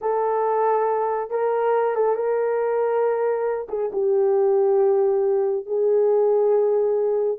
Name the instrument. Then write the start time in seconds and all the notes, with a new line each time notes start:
horn
0.01 A4
1.30 A#4
1.95 A4
2.15 A#4
3.69 G#4
3.92 G4
5.66 G#4